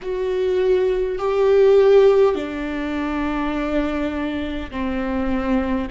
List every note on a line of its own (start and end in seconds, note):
0.02 1.18 F#4
1.18 2.35 G4
2.35 4.70 D4
4.71 5.88 C4